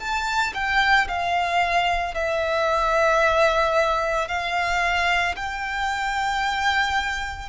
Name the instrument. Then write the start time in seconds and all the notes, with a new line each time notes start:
violin
0.00 A5
0.55 G5
1.08 F5
2.15 E5
4.29 F5
5.36 G5